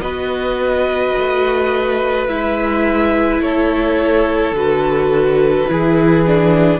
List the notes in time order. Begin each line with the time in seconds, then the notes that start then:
0.00 B3 F#4 B4 D#5
1.18 A3
2.28 G#3 E4 E5
3.40 A3 A4 C#5
4.51 D3 F#4 B4
5.68 E3 E4 G#4
6.26 D4